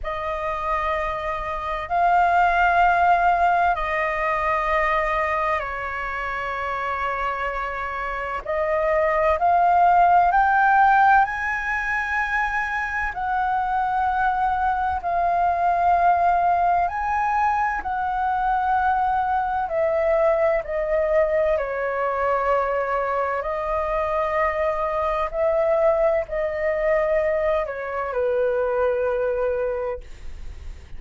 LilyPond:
\new Staff \with { instrumentName = "flute" } { \time 4/4 \tempo 4 = 64 dis''2 f''2 | dis''2 cis''2~ | cis''4 dis''4 f''4 g''4 | gis''2 fis''2 |
f''2 gis''4 fis''4~ | fis''4 e''4 dis''4 cis''4~ | cis''4 dis''2 e''4 | dis''4. cis''8 b'2 | }